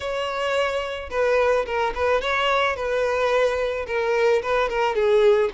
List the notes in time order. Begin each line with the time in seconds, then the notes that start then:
0.00 C#5
1.10 B4
1.66 A#4
1.94 B4
2.21 C#5
2.76 B4
3.87 A#4
4.42 B4
4.69 A#4
4.95 G#4